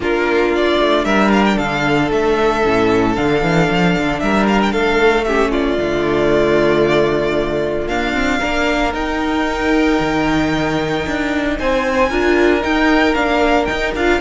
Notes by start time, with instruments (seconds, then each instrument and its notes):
0.00 cello A#3, viola D4, violin F4 A#4
0.55 violin D5
0.79 cello A3
1.04 cello G3, violin A#4 E5
1.31 violin F5
1.45 violin G5
1.56 cello D3, violin A4 F5
2.10 cello A3, violin E5
2.64 cello A2, viola C#4
3.15 cello D3, viola D4, violin F5
3.42 cello E3
3.70 cello F3
3.97 cello D3
4.19 cello G3, violin A#4 E5
4.47 violin F5
4.62 violin G5
4.72 cello A3, violin A4 F5
5.24 viola C#4, violin G4 E5
5.51 violin F4 D5
5.78 cello D3, viola A3
7.87 viola A#3, cello D4, violin F5
8.13 viola C4
8.38 cello A#3, viola D4, violin A#4
8.93 viola D#4, cello D#4, violin G5
9.99 cello D#3
11.06 cello D4
11.58 cello C4, violin C5 G#5
12.09 cello D4, viola F4, violin A#4
12.61 viola D#4, cello D#4, violin G5
13.14 cello A#3, viola D4, violin F5
13.65 viola D#4, cello D#4, violin G5
13.94 cello D4, viola F4, violin F5